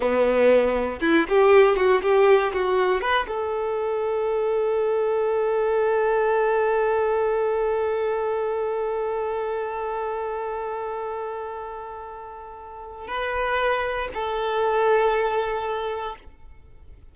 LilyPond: \new Staff \with { instrumentName = "violin" } { \time 4/4 \tempo 4 = 119 b2 e'8 g'4 fis'8 | g'4 fis'4 b'8 a'4.~ | a'1~ | a'1~ |
a'1~ | a'1~ | a'2 b'2 | a'1 | }